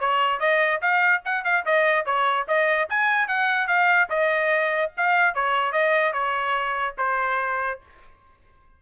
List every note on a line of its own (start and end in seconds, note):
0.00 0.40 C#5
0.40 0.81 D#5
0.81 1.23 F5
1.25 1.45 F#5
1.45 1.65 F5
1.66 2.05 D#5
2.05 2.47 C#5
2.48 2.89 D#5
2.90 3.28 G#5
3.28 3.68 F#5
3.68 4.09 F5
4.10 4.92 D#5
4.97 5.35 F5
5.35 5.73 C#5
5.73 6.13 D#5
6.13 6.95 C#5
6.98 7.80 C5